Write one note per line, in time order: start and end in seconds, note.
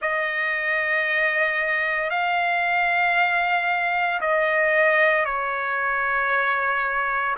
0.01 2.10 D#5
2.10 4.20 F5
4.21 5.25 D#5
5.25 7.35 C#5